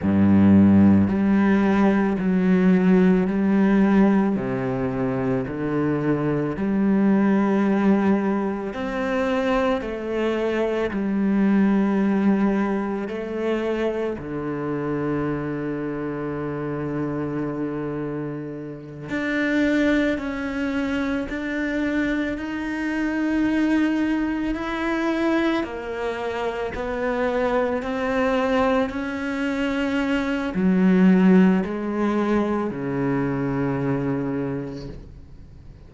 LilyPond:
\new Staff \with { instrumentName = "cello" } { \time 4/4 \tempo 4 = 55 g,4 g4 fis4 g4 | c4 d4 g2 | c'4 a4 g2 | a4 d2.~ |
d4. d'4 cis'4 d'8~ | d'8 dis'2 e'4 ais8~ | ais8 b4 c'4 cis'4. | fis4 gis4 cis2 | }